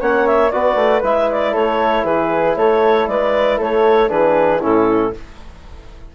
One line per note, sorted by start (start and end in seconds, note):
0.00 0.52 A#3
0.00 0.51 C#4
0.00 0.52 C#5
0.00 0.26 F#5
0.26 0.50 E5
0.50 0.75 B3
0.50 1.03 F#4
0.50 1.52 B4
0.50 1.01 D5
0.75 1.01 A3
1.03 1.54 G#3
1.03 4.08 E4
1.03 1.30 E5
1.31 1.54 D5
1.52 2.04 A3
1.52 2.03 A4
1.52 2.04 C#5
2.04 2.55 E3
2.04 2.55 G#4
2.04 2.56 B4
2.56 3.07 A3
2.56 3.09 A4
2.56 3.07 C#5
3.07 3.59 G#3
3.07 3.57 B4
3.07 3.59 D5
3.57 4.10 A3
3.57 4.09 A4
3.57 4.09 C#5
4.08 4.61 E3
4.08 4.59 D4
4.08 4.60 G#4
4.08 4.61 B4
4.60 5.15 A2
4.60 5.12 C#4
4.60 5.12 E4
4.60 5.13 A4